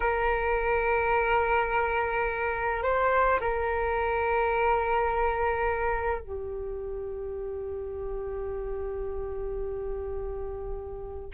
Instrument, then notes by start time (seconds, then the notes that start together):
flute
0.00 A#4
2.83 C5
3.40 A#4
6.21 G4